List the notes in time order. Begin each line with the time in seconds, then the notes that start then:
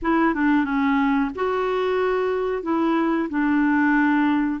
0.02 E4
0.34 D4
0.64 C#4
1.35 F#4
2.63 E4
3.29 D4